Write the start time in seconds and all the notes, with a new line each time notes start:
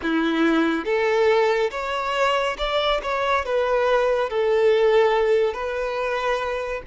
0.02 E4
0.85 A4
1.71 C#5
2.58 D5
3.02 C#5
3.45 B4
4.29 A4
5.53 B4